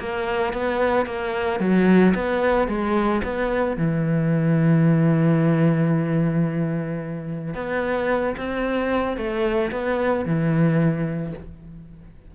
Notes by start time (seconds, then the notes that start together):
0.00 A#3
0.53 B3
1.06 A#3
1.60 F#3
2.15 B3
2.69 G#3
3.24 B3
3.78 E3
7.55 B3
8.38 C4
9.18 A3
9.72 B3
10.26 E3